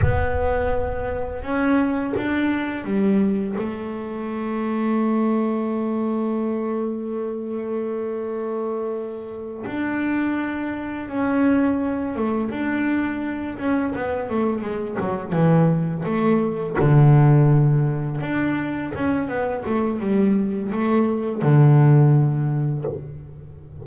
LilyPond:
\new Staff \with { instrumentName = "double bass" } { \time 4/4 \tempo 4 = 84 b2 cis'4 d'4 | g4 a2.~ | a1~ | a4. d'2 cis'8~ |
cis'4 a8 d'4. cis'8 b8 | a8 gis8 fis8 e4 a4 d8~ | d4. d'4 cis'8 b8 a8 | g4 a4 d2 | }